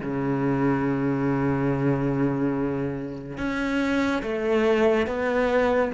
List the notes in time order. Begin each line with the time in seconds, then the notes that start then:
0.00 C#3
3.37 C#4
4.22 A3
5.07 B3